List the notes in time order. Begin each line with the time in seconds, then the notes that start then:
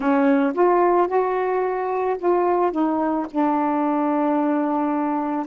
0.00 C#4
0.54 F4
1.07 F#4
2.18 F4
2.71 D#4
3.30 D4